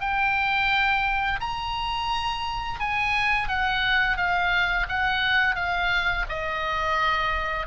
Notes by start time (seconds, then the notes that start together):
0.00 G5
1.40 A#5
2.79 G#5
3.48 F#5
4.17 F5
4.88 F#5
5.55 F5
6.29 D#5